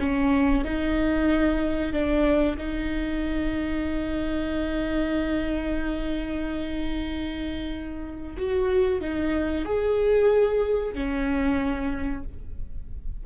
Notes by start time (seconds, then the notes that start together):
0.00 C#4
0.65 D#4
1.93 D4
2.58 D#4
8.37 F#4
9.01 D#4
9.66 G#4
10.95 C#4